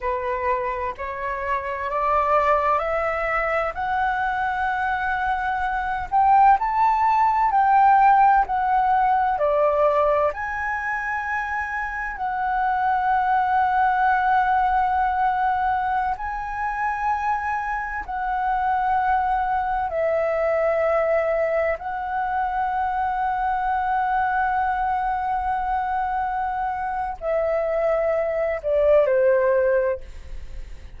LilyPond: \new Staff \with { instrumentName = "flute" } { \time 4/4 \tempo 4 = 64 b'4 cis''4 d''4 e''4 | fis''2~ fis''8 g''8 a''4 | g''4 fis''4 d''4 gis''4~ | gis''4 fis''2.~ |
fis''4~ fis''16 gis''2 fis''8.~ | fis''4~ fis''16 e''2 fis''8.~ | fis''1~ | fis''4 e''4. d''8 c''4 | }